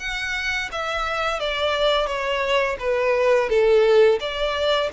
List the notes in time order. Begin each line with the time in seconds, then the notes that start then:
0.00 F#5
0.72 E5
1.40 D5
2.07 C#5
2.80 B4
3.50 A4
4.21 D5